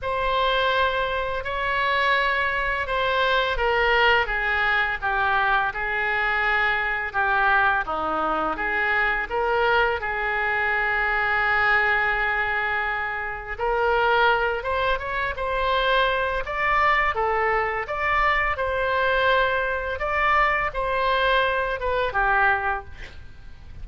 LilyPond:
\new Staff \with { instrumentName = "oboe" } { \time 4/4 \tempo 4 = 84 c''2 cis''2 | c''4 ais'4 gis'4 g'4 | gis'2 g'4 dis'4 | gis'4 ais'4 gis'2~ |
gis'2. ais'4~ | ais'8 c''8 cis''8 c''4. d''4 | a'4 d''4 c''2 | d''4 c''4. b'8 g'4 | }